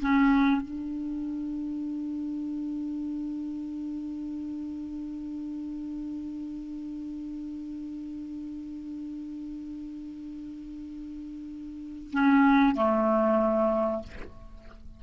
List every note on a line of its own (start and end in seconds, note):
0.00 0.61 C#4
0.61 12.10 D4
12.12 12.75 C#4
12.75 14.03 A3